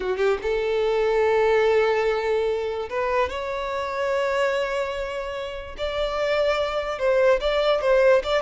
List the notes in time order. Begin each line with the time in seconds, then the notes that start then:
0.00 F#4
0.17 G4
0.42 A4
2.89 B4
3.29 C#5
5.77 D5
6.98 C5
7.40 D5
7.81 C5
8.23 D5